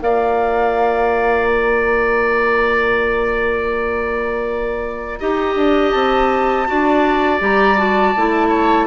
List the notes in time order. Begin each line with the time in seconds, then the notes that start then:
0.00 A#3 F4 D5 F5
1.48 A#5
5.19 D#4 G4 D#5
5.55 D4
5.91 C4 A5
6.66 D4 F#4 D5
7.39 G3 G4 A#5
7.77 F#4 A5
8.16 A3 E4
8.48 C#5